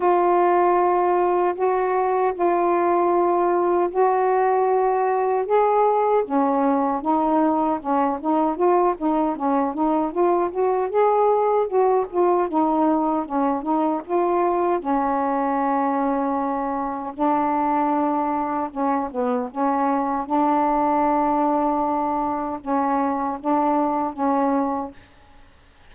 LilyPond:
\new Staff \with { instrumentName = "saxophone" } { \time 4/4 \tempo 4 = 77 f'2 fis'4 f'4~ | f'4 fis'2 gis'4 | cis'4 dis'4 cis'8 dis'8 f'8 dis'8 | cis'8 dis'8 f'8 fis'8 gis'4 fis'8 f'8 |
dis'4 cis'8 dis'8 f'4 cis'4~ | cis'2 d'2 | cis'8 b8 cis'4 d'2~ | d'4 cis'4 d'4 cis'4 | }